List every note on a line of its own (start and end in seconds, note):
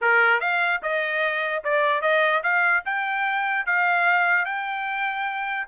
0.01 0.40 A#4
0.40 0.81 F5
0.82 1.63 D#5
1.63 2.01 D5
2.01 2.42 D#5
2.43 2.83 F5
2.85 3.66 G5
3.66 4.45 F5
4.45 5.66 G5